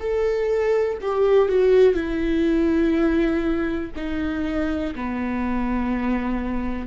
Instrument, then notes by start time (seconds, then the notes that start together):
viola
0.00 A4
1.01 G4
1.49 F#4
1.94 E4
3.96 D#4
4.96 B3